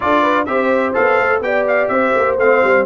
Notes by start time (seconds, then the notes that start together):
0.00 D4 F4 A4 D5
0.22 B4
0.45 C4 G4 C5 E5
0.93 B3 A4 F5
1.19 A3
1.40 B3 G4 D5 G5
1.67 F5
1.88 C4 C5 E5
2.15 A#3
2.37 A3 C4 F5
2.63 G3